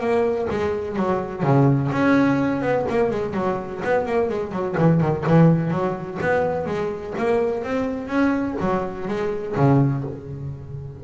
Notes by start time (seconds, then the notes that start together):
0.00 A#3
0.50 G#3
0.96 F#3
1.43 C#3
1.92 C#4
2.62 B3
2.89 A#3
3.11 G#3
3.34 F#3
3.84 B3
4.06 A#3
4.29 G#3
4.52 F#3
4.77 E3
5.00 D#3
5.27 E3
5.70 F#3
6.21 B3
6.66 G#3
7.18 A#3
7.63 C4
8.08 C#4
8.60 F#3
9.08 G#3
9.56 C#3